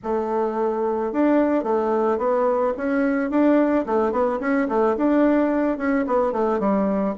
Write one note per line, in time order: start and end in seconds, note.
0.03 1.12 A3
1.12 1.63 D4
1.63 2.18 A3
2.18 2.73 B3
2.77 3.30 C#4
3.30 3.85 D4
3.86 4.11 A3
4.11 4.39 B3
4.40 4.67 C#4
4.68 4.96 A3
4.97 5.77 D4
5.77 6.05 C#4
6.07 6.32 B3
6.32 6.59 A3
6.59 7.14 G3